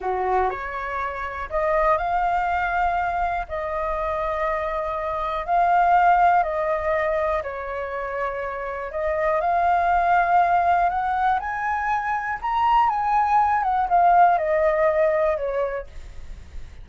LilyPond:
\new Staff \with { instrumentName = "flute" } { \time 4/4 \tempo 4 = 121 fis'4 cis''2 dis''4 | f''2. dis''4~ | dis''2. f''4~ | f''4 dis''2 cis''4~ |
cis''2 dis''4 f''4~ | f''2 fis''4 gis''4~ | gis''4 ais''4 gis''4. fis''8 | f''4 dis''2 cis''4 | }